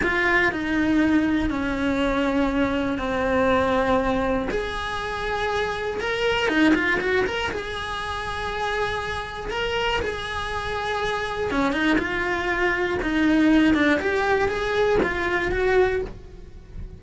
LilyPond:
\new Staff \with { instrumentName = "cello" } { \time 4/4 \tempo 4 = 120 f'4 dis'2 cis'4~ | cis'2 c'2~ | c'4 gis'2. | ais'4 dis'8 f'8 fis'8 ais'8 gis'4~ |
gis'2. ais'4 | gis'2. cis'8 dis'8 | f'2 dis'4. d'8 | g'4 gis'4 f'4 fis'4 | }